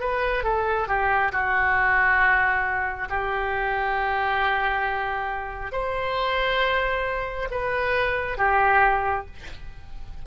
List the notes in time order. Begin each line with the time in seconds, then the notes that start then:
0.00 B4
0.44 A4
0.88 G4
1.32 F#4
3.10 G4
5.72 C5
7.51 B4
8.38 G4